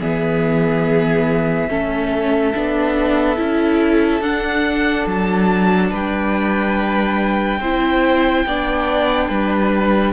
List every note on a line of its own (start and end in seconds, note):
0.00 1.69 E3
0.00 1.68 B3
0.00 1.69 G#4
0.00 4.22 E5
1.68 2.54 A3
1.68 2.53 C#4
1.68 5.90 A4
2.54 3.38 B3
2.54 3.36 D4
3.36 4.21 C#4
3.36 4.21 E4
4.21 5.05 D4
4.21 7.61 D4
4.21 5.06 F#5
5.06 5.90 F#3
5.06 5.94 A5
5.90 7.60 G3
5.90 7.60 B4
5.90 10.12 G5
7.60 8.44 C4
7.60 8.48 E4
7.60 8.45 C5
8.45 9.29 B3
8.45 10.12 D4
8.45 9.28 D5
9.28 10.12 G3
9.28 10.12 B4